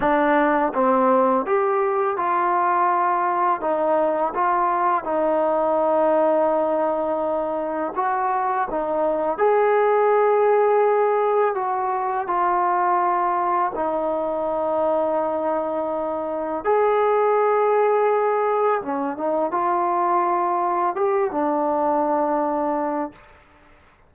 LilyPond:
\new Staff \with { instrumentName = "trombone" } { \time 4/4 \tempo 4 = 83 d'4 c'4 g'4 f'4~ | f'4 dis'4 f'4 dis'4~ | dis'2. fis'4 | dis'4 gis'2. |
fis'4 f'2 dis'4~ | dis'2. gis'4~ | gis'2 cis'8 dis'8 f'4~ | f'4 g'8 d'2~ d'8 | }